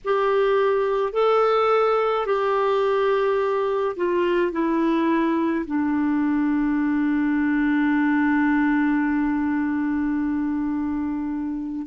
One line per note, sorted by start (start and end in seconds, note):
0.04 1.12 G4
1.12 2.25 A4
2.26 3.96 G4
3.96 4.52 F4
4.52 5.65 E4
5.66 11.86 D4